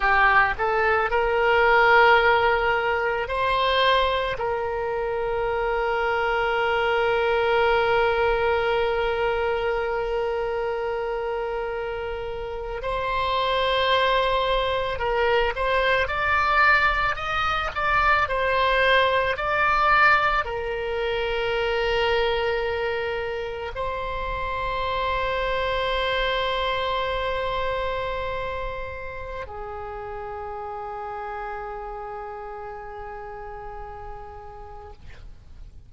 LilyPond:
\new Staff \with { instrumentName = "oboe" } { \time 4/4 \tempo 4 = 55 g'8 a'8 ais'2 c''4 | ais'1~ | ais'2.~ ais'8. c''16~ | c''4.~ c''16 ais'8 c''8 d''4 dis''16~ |
dis''16 d''8 c''4 d''4 ais'4~ ais'16~ | ais'4.~ ais'16 c''2~ c''16~ | c''2. gis'4~ | gis'1 | }